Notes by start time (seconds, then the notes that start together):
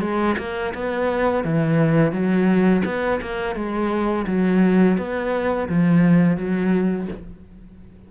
0.00 G#3
0.38 A#3
0.74 B3
1.44 E3
2.12 F#3
2.85 B3
3.21 A#3
3.55 G#3
4.27 F#3
4.97 B3
5.69 F3
6.37 F#3